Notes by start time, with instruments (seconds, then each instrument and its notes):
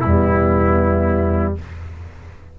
0.00 tuba E2, trombone G3, horn B3, trumpet E4